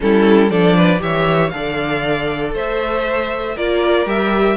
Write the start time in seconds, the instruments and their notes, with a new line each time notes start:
0.00 cello G3, viola C#4, violin E4 A4
0.50 cello F3, viola D4, violin A4 D5
0.75 violin B4
0.99 cello E3, viola G4, violin C#5 E5
1.49 cello D3, viola A4, violin D5 F5
2.53 cello A3, violin C5 E5
3.55 cello A#3, viola F4, violin A#4 D5
4.05 cello G3, viola G4, violin E5